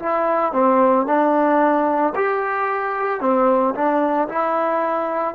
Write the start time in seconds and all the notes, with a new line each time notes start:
0.00 E4
0.53 C4
1.07 D4
2.16 G4
3.21 C4
3.75 D4
4.29 E4